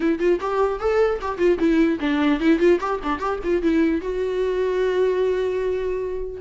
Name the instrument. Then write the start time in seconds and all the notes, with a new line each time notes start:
viola
0.00 E4
0.19 F4
0.40 G4
0.79 A4
1.21 G4
1.37 F4
1.58 E4
1.99 D4
2.39 E4
2.59 F4
2.80 G4
3.03 D4
3.19 G4
3.43 F4
3.62 E4
4.01 F#4